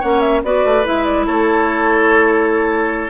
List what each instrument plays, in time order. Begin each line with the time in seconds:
0.00 bassoon A#3, clarinet C#4, oboe C#5, flute F#5
0.20 flute E5
0.44 bassoon B3, clarinet F#4, oboe B4, flute D5
0.65 bassoon A3
0.85 bassoon G#3, clarinet E4, flute E5
1.05 flute D5
1.27 bassoon A3, oboe A4, flute C#5